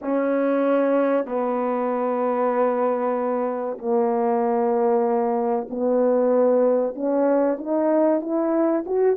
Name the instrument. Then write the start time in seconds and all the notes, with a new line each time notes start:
horn
0.01 C#4
1.25 B3
3.78 A#3
5.70 B3
6.95 C#4
7.58 D#4
8.21 E4
8.86 F#4